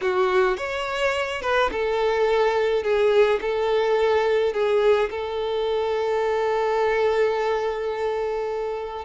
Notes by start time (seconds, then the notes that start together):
0.01 F#4
0.57 C#5
1.42 B4
1.71 A4
2.83 G#4
3.41 A4
4.53 G#4
5.10 A4